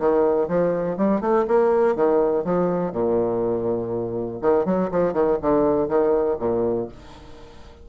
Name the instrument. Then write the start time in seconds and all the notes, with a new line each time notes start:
bassoon
0.00 D#3
0.48 F3
0.97 G3
1.21 A3
1.48 A#3
1.96 D#3
2.45 F3
2.93 A#2
4.42 D#3
4.66 F#3
4.92 F3
5.14 D#3
5.42 D3
5.89 D#3
6.40 A#2